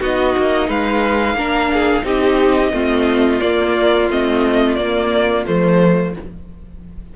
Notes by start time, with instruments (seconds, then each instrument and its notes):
0.00 cello B3, viola D#4, violin F#4 D#5
0.36 cello A#3
0.67 cello G#3, violin B4 F5
1.34 cello A#3, viola D4, violin A#4
1.73 violin G#4
2.03 cello C4, viola D#4, violin G4 D#5
2.72 cello A3, viola C4, violin F4
3.40 viola A#3, cello A#3, violin D5
4.09 cello A3, viola C4, violin D#5
4.75 cello A#3, viola A#3, violin D5
5.46 cello F3, viola A3, violin C5